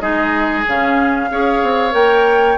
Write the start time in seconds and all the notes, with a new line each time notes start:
0.00 G#3 D#4 G#4 D#5
0.67 C#3 C#4 F5
1.30 C#4 G#4 C#5
1.62 C4
1.91 A#3 A#4 G5